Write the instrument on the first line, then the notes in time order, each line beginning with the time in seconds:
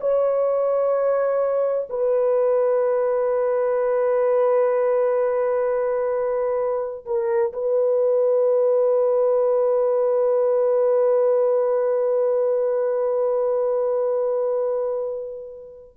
horn
0.00 C#5
1.90 B4
7.06 A#4
7.53 B4